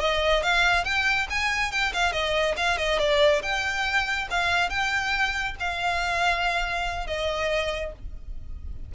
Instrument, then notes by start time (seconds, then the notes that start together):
violin
0.00 D#5
0.43 F5
0.85 G5
1.30 G#5
1.72 G5
1.93 F5
2.13 D#5
2.57 F5
2.78 D#5
2.99 D5
3.42 G5
4.30 F5
4.70 G5
5.60 F5
7.07 D#5